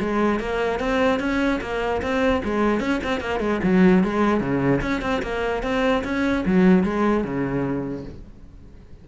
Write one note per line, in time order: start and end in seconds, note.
0.00 0.40 G#3
0.40 0.80 A#3
0.80 1.20 C4
1.20 1.60 C#4
1.61 2.02 A#3
2.02 2.42 C4
2.45 2.80 G#3
2.80 3.01 C#4
3.04 3.21 C4
3.21 3.40 A#3
3.40 3.60 G#3
3.64 4.04 F#3
4.04 4.41 G#3
4.41 4.81 C#3
4.82 5.02 C#4
5.02 5.22 C4
5.23 5.63 A#3
5.63 6.03 C4
6.04 6.45 C#4
6.46 6.84 F#3
6.84 7.24 G#3
7.24 8.05 C#3